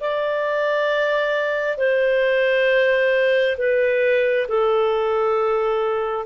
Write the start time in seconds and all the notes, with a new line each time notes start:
0.00 D5
1.77 C5
3.57 B4
4.48 A4